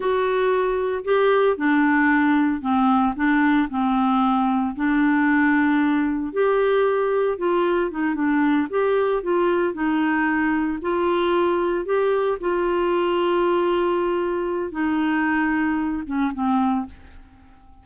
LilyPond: \new Staff \with { instrumentName = "clarinet" } { \time 4/4 \tempo 4 = 114 fis'2 g'4 d'4~ | d'4 c'4 d'4 c'4~ | c'4 d'2. | g'2 f'4 dis'8 d'8~ |
d'8 g'4 f'4 dis'4.~ | dis'8 f'2 g'4 f'8~ | f'1 | dis'2~ dis'8 cis'8 c'4 | }